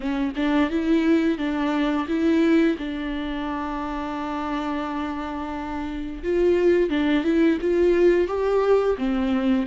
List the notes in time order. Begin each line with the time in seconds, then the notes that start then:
0.00 C#4
0.36 D4
0.70 E4
1.38 D4
2.08 E4
2.78 D4
6.23 F4
6.89 D4
7.24 E4
7.61 F4
8.27 G4
8.98 C4